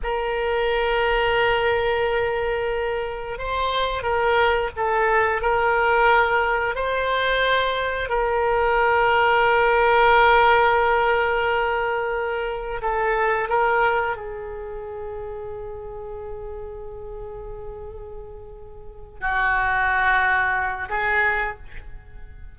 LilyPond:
\new Staff \with { instrumentName = "oboe" } { \time 4/4 \tempo 4 = 89 ais'1~ | ais'4 c''4 ais'4 a'4 | ais'2 c''2 | ais'1~ |
ais'2. a'4 | ais'4 gis'2.~ | gis'1~ | gis'8 fis'2~ fis'8 gis'4 | }